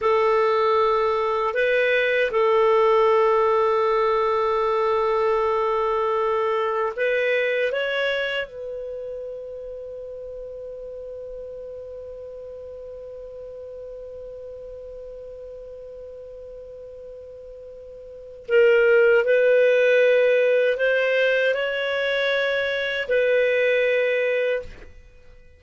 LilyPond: \new Staff \with { instrumentName = "clarinet" } { \time 4/4 \tempo 4 = 78 a'2 b'4 a'4~ | a'1~ | a'4 b'4 cis''4 b'4~ | b'1~ |
b'1~ | b'1 | ais'4 b'2 c''4 | cis''2 b'2 | }